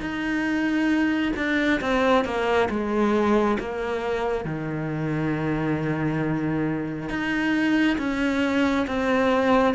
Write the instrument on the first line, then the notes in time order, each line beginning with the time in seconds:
cello
0.00 D#4
1.36 D4
1.80 C4
2.25 A#3
2.69 G#3
3.59 A#3
4.44 D#3
7.09 D#4
7.98 C#4
8.87 C4